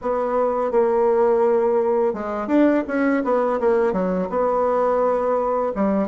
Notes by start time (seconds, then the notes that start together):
0.01 B3
0.71 A#3
2.13 G#3
2.47 D4
2.87 C#4
3.24 B3
3.60 A#3
3.92 F#3
4.29 B3
5.75 G3